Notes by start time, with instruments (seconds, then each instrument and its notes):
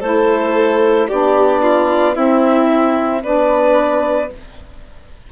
0.00 bassoon A3, saxophone E4, violin A4, clarinet C5
1.08 bassoon B3, saxophone D4, violin G4, clarinet D5
1.62 violin F4
2.14 saxophone C4, bassoon C4, violin E4, clarinet E5
3.23 bassoon B3, saxophone D4, violin B4, clarinet D5